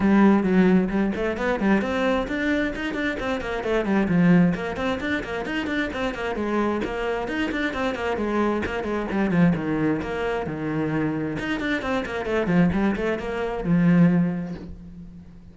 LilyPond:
\new Staff \with { instrumentName = "cello" } { \time 4/4 \tempo 4 = 132 g4 fis4 g8 a8 b8 g8 | c'4 d'4 dis'8 d'8 c'8 ais8 | a8 g8 f4 ais8 c'8 d'8 ais8 | dis'8 d'8 c'8 ais8 gis4 ais4 |
dis'8 d'8 c'8 ais8 gis4 ais8 gis8 | g8 f8 dis4 ais4 dis4~ | dis4 dis'8 d'8 c'8 ais8 a8 f8 | g8 a8 ais4 f2 | }